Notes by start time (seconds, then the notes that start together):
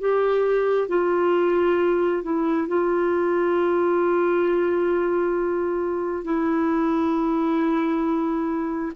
0.00 G4
0.88 F4
2.23 E4
2.67 F4
6.24 E4